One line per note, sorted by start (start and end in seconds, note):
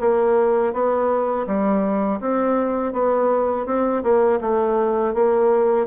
0.00 0.73 A#3
0.73 1.46 B3
1.46 2.20 G3
2.20 2.92 C4
2.92 3.66 B3
3.66 4.02 C4
4.03 4.39 A#3
4.41 5.14 A3
5.14 5.86 A#3